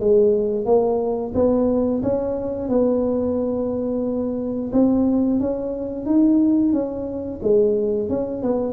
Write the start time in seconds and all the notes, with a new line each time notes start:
0.00 G#3
0.65 A#3
1.34 B3
2.03 C#4
2.68 B3
4.72 C4
5.40 C#4
6.05 D#4
6.72 C#4
7.42 G#3
8.09 C#4
8.42 B3